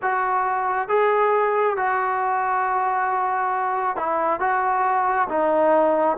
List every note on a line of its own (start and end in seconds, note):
0.02 0.88 F#4
0.88 1.76 G#4
1.76 3.96 F#4
3.96 4.40 E4
4.40 5.28 F#4
5.29 6.17 D#4